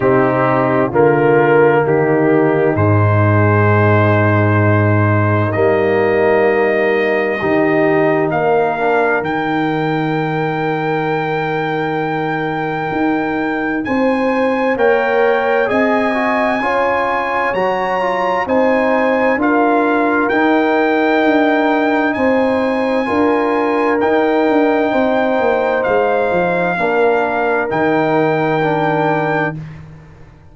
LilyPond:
<<
  \new Staff \with { instrumentName = "trumpet" } { \time 4/4 \tempo 4 = 65 g'4 ais'4 g'4 c''4~ | c''2 dis''2~ | dis''4 f''4 g''2~ | g''2. gis''4 |
g''4 gis''2 ais''4 | gis''4 f''4 g''2 | gis''2 g''2 | f''2 g''2 | }
  \new Staff \with { instrumentName = "horn" } { \time 4/4 dis'4 f'4 dis'2~ | dis'1 | g'4 ais'2.~ | ais'2. c''4 |
cis''4 dis''4 cis''2 | c''4 ais'2. | c''4 ais'2 c''4~ | c''4 ais'2. | }
  \new Staff \with { instrumentName = "trombone" } { \time 4/4 c'4 ais2 gis4~ | gis2 ais2 | dis'4. d'8 dis'2~ | dis'1 |
ais'4 gis'8 fis'8 f'4 fis'8 f'8 | dis'4 f'4 dis'2~ | dis'4 f'4 dis'2~ | dis'4 d'4 dis'4 d'4 | }
  \new Staff \with { instrumentName = "tuba" } { \time 4/4 c4 d4 dis4 gis,4~ | gis,2 g2 | dis4 ais4 dis2~ | dis2 dis'4 c'4 |
ais4 c'4 cis'4 fis4 | c'4 d'4 dis'4 d'4 | c'4 d'4 dis'8 d'8 c'8 ais8 | gis8 f8 ais4 dis2 | }
>>